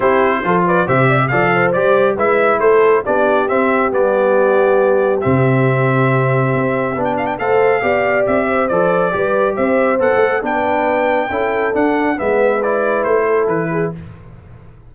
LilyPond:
<<
  \new Staff \with { instrumentName = "trumpet" } { \time 4/4 \tempo 4 = 138 c''4. d''8 e''4 f''4 | d''4 e''4 c''4 d''4 | e''4 d''2. | e''1~ |
e''16 g''16 f''16 g''16 f''2 e''4 | d''2 e''4 fis''4 | g''2. fis''4 | e''4 d''4 c''4 b'4 | }
  \new Staff \with { instrumentName = "horn" } { \time 4/4 g'4 a'8 b'8 c''8 d''16 e''16 d''8 c''8~ | c''4 b'4 a'4 g'4~ | g'1~ | g'1~ |
g'4 c''4 d''4. c''8~ | c''4 b'4 c''2 | b'2 a'2 | b'2~ b'8 a'4 gis'8 | }
  \new Staff \with { instrumentName = "trombone" } { \time 4/4 e'4 f'4 g'4 a'4 | g'4 e'2 d'4 | c'4 b2. | c'1 |
d'4 a'4 g'2 | a'4 g'2 a'4 | d'2 e'4 d'4 | b4 e'2. | }
  \new Staff \with { instrumentName = "tuba" } { \time 4/4 c'4 f4 c4 f4 | g4 gis4 a4 b4 | c'4 g2. | c2. c'4 |
b4 a4 b4 c'4 | f4 g4 c'4 b16 a8. | b2 cis'4 d'4 | gis2 a4 e4 | }
>>